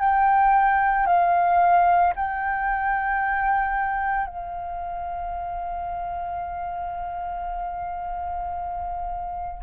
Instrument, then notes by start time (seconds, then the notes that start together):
flute
0.00 G5
1.07 F5
2.16 G5
4.27 F5